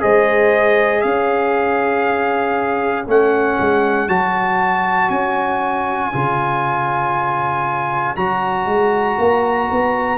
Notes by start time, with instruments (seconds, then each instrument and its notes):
0.00 tuba G#3, trombone G#4, horn C5, trumpet D#5
1.02 tuba C#4, horn C#5, trumpet F5
3.07 tuba A3, trombone C#4, trumpet F#5
3.60 tuba G#3
4.08 tuba F#3, trombone F#4, trumpet A5
5.10 tuba C#4, trumpet G#5
6.13 tuba C#3, trombone F4
8.16 tuba F#3, trombone F#4, trumpet A#5
8.66 tuba G#3
9.18 tuba A#3
9.72 tuba B3